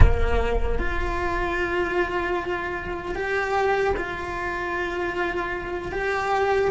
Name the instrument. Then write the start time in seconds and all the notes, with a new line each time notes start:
cello
0.00 A#3
0.79 F4
3.15 G4
3.97 F4
5.92 G4